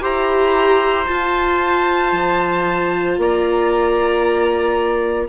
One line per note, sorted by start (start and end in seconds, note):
0.00 1.08 E4
0.00 1.05 G4
0.00 3.18 C5
0.00 1.07 A#5
1.07 5.28 F4
1.07 2.12 F4
1.07 3.17 A5
2.12 3.17 F3
3.17 5.28 A#3
3.17 5.28 D5
3.17 5.28 A#5